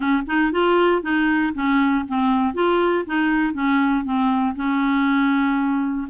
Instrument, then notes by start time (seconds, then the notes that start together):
clarinet
0.00 C#4
0.26 D#4
0.52 F4
1.02 D#4
1.54 C#4
2.08 C4
2.54 F4
3.06 D#4
3.53 C#4
4.04 C4
4.55 C#4